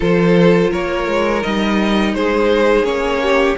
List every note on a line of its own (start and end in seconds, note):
0.00 0.72 F3
0.00 1.41 F4
0.00 0.70 A4
0.00 0.72 C5
0.70 1.07 A#3
0.70 2.13 A#4
0.70 1.42 C#5
1.07 1.43 G#3
1.41 2.13 G3
1.41 2.84 D#4
1.41 2.14 D#5
2.13 2.83 G#3
2.13 3.22 G#4
2.13 2.85 C5
2.83 3.54 A#3
2.83 3.55 C#4
2.83 3.56 C#5
3.22 3.57 G4